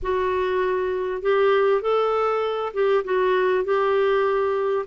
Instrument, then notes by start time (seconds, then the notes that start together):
clarinet
0.02 F#4
1.21 G4
1.81 A4
2.73 G4
3.04 F#4
3.64 G4